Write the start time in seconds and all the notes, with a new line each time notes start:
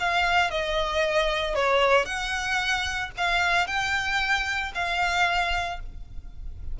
0.00 F5
0.50 D#5
1.55 C#5
2.06 F#5
3.17 F5
3.67 G5
4.75 F5